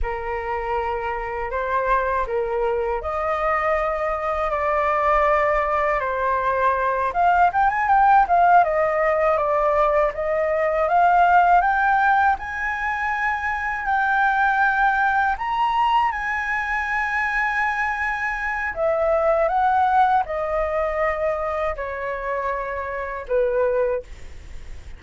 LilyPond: \new Staff \with { instrumentName = "flute" } { \time 4/4 \tempo 4 = 80 ais'2 c''4 ais'4 | dis''2 d''2 | c''4. f''8 g''16 gis''16 g''8 f''8 dis''8~ | dis''8 d''4 dis''4 f''4 g''8~ |
g''8 gis''2 g''4.~ | g''8 ais''4 gis''2~ gis''8~ | gis''4 e''4 fis''4 dis''4~ | dis''4 cis''2 b'4 | }